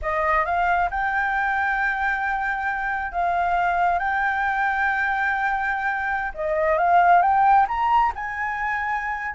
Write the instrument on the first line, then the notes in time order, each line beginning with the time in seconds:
flute
0.01 D#5
0.45 F5
0.90 G5
3.12 F5
3.99 G5
6.34 D#5
6.78 F5
7.22 G5
7.67 A#5
8.15 G#5